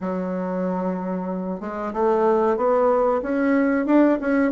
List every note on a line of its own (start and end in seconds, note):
0.00 1.60 F#3
1.60 1.92 G#3
1.93 2.56 A3
2.56 3.21 B3
3.22 3.86 C#4
3.86 4.18 D4
4.20 4.51 C#4